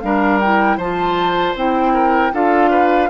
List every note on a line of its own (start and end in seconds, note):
0.00 0.77 G3
0.00 0.41 D4
0.00 0.77 A#4
0.00 0.38 F5
0.40 0.80 E4
0.40 0.78 G5
0.77 1.54 F3
0.77 1.56 F4
0.77 1.93 C5
0.77 1.55 A5
1.55 2.32 C4
1.55 2.33 E4
1.55 2.34 G5
1.93 2.32 A#4
2.33 3.09 D4
2.33 3.09 F4
2.33 2.70 A4
2.33 3.09 F5
2.70 3.09 B4